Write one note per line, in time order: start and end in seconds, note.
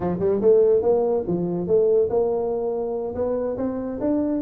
0.00 0.18 F3
0.19 0.40 G3
0.41 0.82 A3
0.82 1.24 A#3
1.27 1.67 F3
1.67 2.09 A3
2.09 3.14 A#3
3.14 3.56 B3
3.57 3.99 C4
4.00 4.41 D4